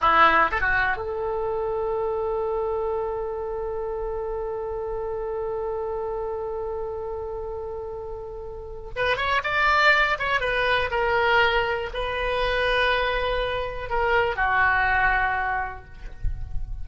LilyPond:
\new Staff \with { instrumentName = "oboe" } { \time 4/4 \tempo 4 = 121 e'4 a'16 fis'8. a'2~ | a'1~ | a'1~ | a'1~ |
a'2 b'8 cis''8 d''4~ | d''8 cis''8 b'4 ais'2 | b'1 | ais'4 fis'2. | }